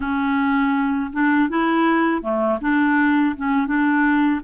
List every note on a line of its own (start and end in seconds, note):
0.00 1.11 C#4
1.12 1.49 D4
1.49 2.22 E4
2.22 2.59 A3
2.61 3.35 D4
3.36 3.66 C#4
3.66 4.40 D4